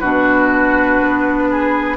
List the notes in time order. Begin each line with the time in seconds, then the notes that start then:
0.00 B2 D4 F#4 B4
1.01 B3
1.51 G#4